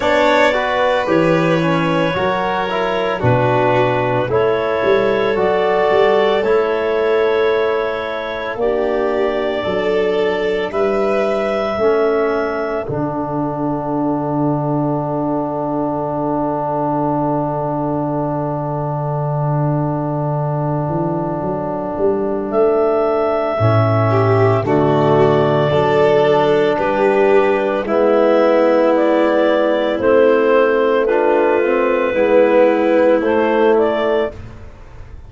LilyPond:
<<
  \new Staff \with { instrumentName = "clarinet" } { \time 4/4 \tempo 4 = 56 d''4 cis''2 b'4 | cis''4 d''4 cis''2 | d''2 e''2 | fis''1~ |
fis''1~ | fis''4 e''2 d''4~ | d''4 b'4 e''4 d''4 | c''4 b'2 c''8 d''8 | }
  \new Staff \with { instrumentName = "violin" } { \time 4/4 cis''8 b'4. ais'4 fis'4 | a'1 | g'4 a'4 b'4 a'4~ | a'1~ |
a'1~ | a'2~ a'8 g'8 fis'4 | a'4 g'4 e'2~ | e'4 f'4 e'2 | }
  \new Staff \with { instrumentName = "trombone" } { \time 4/4 d'8 fis'8 g'8 cis'8 fis'8 e'8 d'4 | e'4 fis'4 e'2 | d'2. cis'4 | d'1~ |
d'1~ | d'2 cis'4 a4 | d'2 b2 | c'4 d'8 c'8 b4 a4 | }
  \new Staff \with { instrumentName = "tuba" } { \time 4/4 b4 e4 fis4 b,4 | a8 g8 fis8 g8 a2 | ais4 fis4 g4 a4 | d1~ |
d2.~ d8 e8 | fis8 g8 a4 a,4 d4 | fis4 g4 gis2 | a2 gis4 a4 | }
>>